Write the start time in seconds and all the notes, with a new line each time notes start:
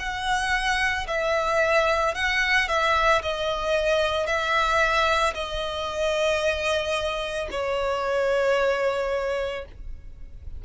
0.00 F#5
1.08 E5
2.15 F#5
2.68 E5
3.22 D#5
4.27 E5
5.35 D#5
7.51 C#5